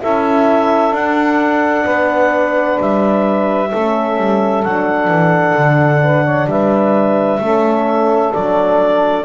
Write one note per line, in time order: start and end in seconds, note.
0.00 0.91 C#4
0.00 0.91 E4
0.00 1.84 A4
0.00 0.94 E5
0.91 1.84 D4
0.91 3.68 D4
0.91 2.79 F#5
1.84 2.78 B3
1.84 3.69 B4
2.80 3.72 G3
2.80 4.63 E5
3.70 4.17 A3
3.70 4.65 C#4
3.70 6.01 A4
4.17 4.63 G3
4.63 5.07 F#3
4.63 7.41 D4
4.63 6.48 F#5
5.07 5.53 E3
5.55 6.46 D3
6.02 6.24 B4
6.24 6.47 C#5
6.46 7.39 G3
6.46 7.40 B4
6.46 8.32 E5
7.39 8.32 A3
7.39 8.33 C#4
7.39 9.24 A4
8.32 9.24 F#3
8.32 9.24 D4
8.32 9.24 D5